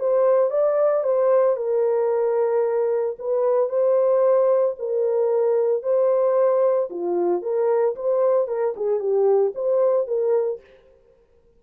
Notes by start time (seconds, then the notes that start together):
0.00 C5
0.51 D5
1.04 C5
1.57 A#4
3.19 B4
3.70 C5
4.79 A#4
5.83 C5
6.90 F4
7.42 A#4
7.96 C5
8.48 A#4
8.77 G#4
9.00 G4
9.55 C5
10.08 A#4